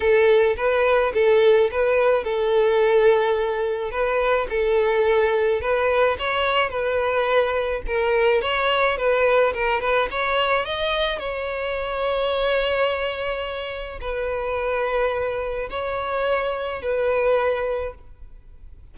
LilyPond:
\new Staff \with { instrumentName = "violin" } { \time 4/4 \tempo 4 = 107 a'4 b'4 a'4 b'4 | a'2. b'4 | a'2 b'4 cis''4 | b'2 ais'4 cis''4 |
b'4 ais'8 b'8 cis''4 dis''4 | cis''1~ | cis''4 b'2. | cis''2 b'2 | }